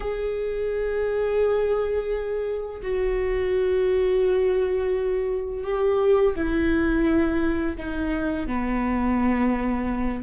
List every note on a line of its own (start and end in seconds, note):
0.00 2.81 G#4
2.82 5.64 F#4
5.64 6.34 G4
6.35 7.76 E4
7.77 8.46 D#4
8.46 10.22 B3